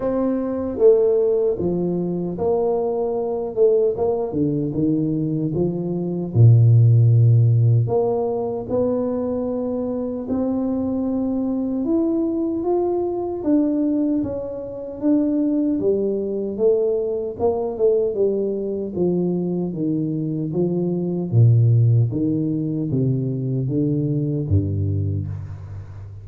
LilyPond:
\new Staff \with { instrumentName = "tuba" } { \time 4/4 \tempo 4 = 76 c'4 a4 f4 ais4~ | ais8 a8 ais8 d8 dis4 f4 | ais,2 ais4 b4~ | b4 c'2 e'4 |
f'4 d'4 cis'4 d'4 | g4 a4 ais8 a8 g4 | f4 dis4 f4 ais,4 | dis4 c4 d4 g,4 | }